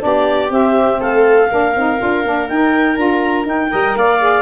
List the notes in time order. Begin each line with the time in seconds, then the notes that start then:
0.00 B3 D4 G4 D5
0.50 C4 E5
1.01 A3 A4 F5
1.51 A#3 D4 A#4
1.76 C4 D#4
1.99 D4 F4
2.25 A#3 D4
2.49 D#4 G5
2.97 D4 F4 A#5
3.45 D#4 G5
3.71 G3 A#4 D#5
3.95 A#3 D5 F5
4.20 G#4